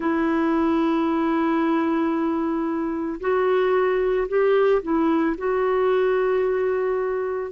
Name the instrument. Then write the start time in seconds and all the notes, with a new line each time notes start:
clarinet
0.00 E4
3.20 F#4
4.28 G4
4.82 E4
5.37 F#4